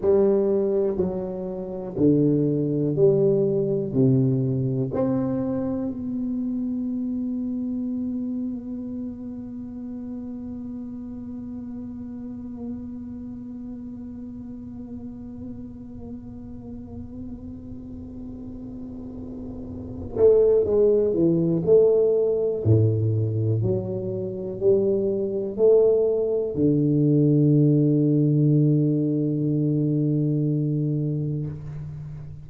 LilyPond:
\new Staff \with { instrumentName = "tuba" } { \time 4/4 \tempo 4 = 61 g4 fis4 d4 g4 | c4 c'4 b2~ | b1~ | b1~ |
b1~ | b8 a8 gis8 e8 a4 a,4 | fis4 g4 a4 d4~ | d1 | }